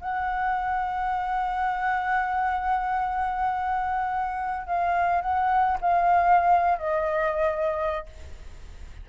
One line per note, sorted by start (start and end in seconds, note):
0.00 4.66 F#5
4.66 5.21 F5
5.21 5.78 F#5
5.81 6.78 F5
6.78 8.06 D#5